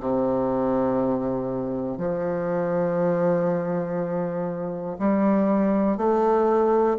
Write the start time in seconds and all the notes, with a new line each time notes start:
0.00 C3
1.97 F3
4.99 G3
5.97 A3